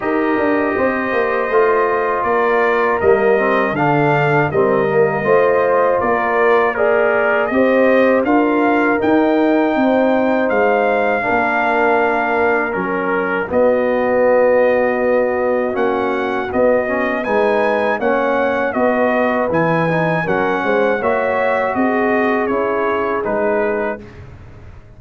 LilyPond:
<<
  \new Staff \with { instrumentName = "trumpet" } { \time 4/4 \tempo 4 = 80 dis''2. d''4 | dis''4 f''4 dis''2 | d''4 ais'4 dis''4 f''4 | g''2 f''2~ |
f''4 ais'4 dis''2~ | dis''4 fis''4 dis''4 gis''4 | fis''4 dis''4 gis''4 fis''4 | e''4 dis''4 cis''4 b'4 | }
  \new Staff \with { instrumentName = "horn" } { \time 4/4 ais'4 c''2 ais'4~ | ais'4 a'4 ais'4 c''4 | ais'4 d''4 c''4 ais'4~ | ais'4 c''2 ais'4~ |
ais'2 fis'2~ | fis'2. b'4 | cis''4 b'2 ais'8 c''8 | cis''4 gis'2. | }
  \new Staff \with { instrumentName = "trombone" } { \time 4/4 g'2 f'2 | ais8 c'8 d'4 c'8 ais8 f'4~ | f'4 gis'4 g'4 f'4 | dis'2. d'4~ |
d'4 cis'4 b2~ | b4 cis'4 b8 cis'8 dis'4 | cis'4 fis'4 e'8 dis'8 cis'4 | fis'2 e'4 dis'4 | }
  \new Staff \with { instrumentName = "tuba" } { \time 4/4 dis'8 d'8 c'8 ais8 a4 ais4 | g4 d4 g4 a4 | ais2 c'4 d'4 | dis'4 c'4 gis4 ais4~ |
ais4 fis4 b2~ | b4 ais4 b4 gis4 | ais4 b4 e4 fis8 gis8 | ais4 c'4 cis'4 gis4 | }
>>